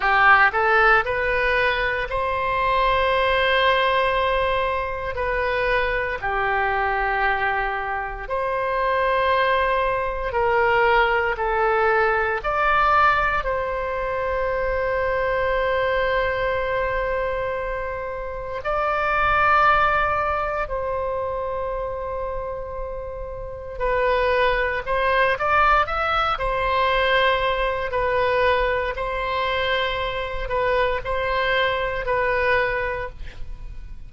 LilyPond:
\new Staff \with { instrumentName = "oboe" } { \time 4/4 \tempo 4 = 58 g'8 a'8 b'4 c''2~ | c''4 b'4 g'2 | c''2 ais'4 a'4 | d''4 c''2.~ |
c''2 d''2 | c''2. b'4 | c''8 d''8 e''8 c''4. b'4 | c''4. b'8 c''4 b'4 | }